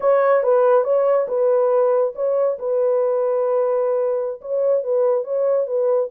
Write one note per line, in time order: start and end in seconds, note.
0.00 0.43 C#5
0.43 0.84 B4
0.84 1.26 C#5
1.28 2.13 B4
2.15 2.58 C#5
2.58 4.40 B4
4.41 4.83 C#5
4.83 5.24 B4
5.24 5.66 C#5
5.66 6.09 B4